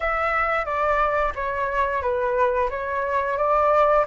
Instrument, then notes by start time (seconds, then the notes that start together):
flute
0.00 E5
0.65 D5
1.35 C#5
2.02 B4
2.70 C#5
3.37 D5